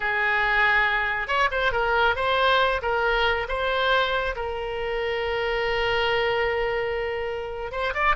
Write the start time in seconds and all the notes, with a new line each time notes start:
0.00 G#4
1.27 C#5
1.51 C5
1.72 A#4
2.15 C5
2.82 A#4
3.48 C5
4.35 A#4
7.71 C5
7.93 D5